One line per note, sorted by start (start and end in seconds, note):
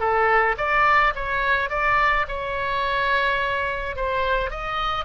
0.00 0.56 A4
0.58 1.14 D5
1.16 1.70 C#5
1.70 2.26 D5
2.28 3.97 C#5
3.97 4.51 C5
4.51 5.05 D#5